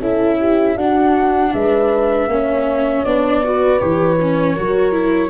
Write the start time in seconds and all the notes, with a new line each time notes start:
0.00 C#4 E4 A4 E5
0.39 G4
0.75 D4 F#4 F#5
1.53 G#3 B4 E5
2.27 A#3 C#4 C#5
3.04 B3 D4 D5
3.44 F#4 B4
3.79 E3 G4 C#5
4.21 C#4
4.53 F#3 F#4 A#4
4.92 E4